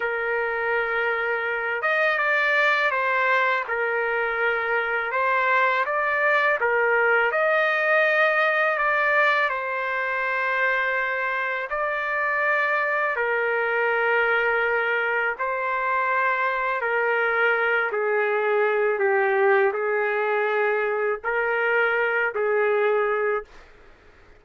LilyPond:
\new Staff \with { instrumentName = "trumpet" } { \time 4/4 \tempo 4 = 82 ais'2~ ais'8 dis''8 d''4 | c''4 ais'2 c''4 | d''4 ais'4 dis''2 | d''4 c''2. |
d''2 ais'2~ | ais'4 c''2 ais'4~ | ais'8 gis'4. g'4 gis'4~ | gis'4 ais'4. gis'4. | }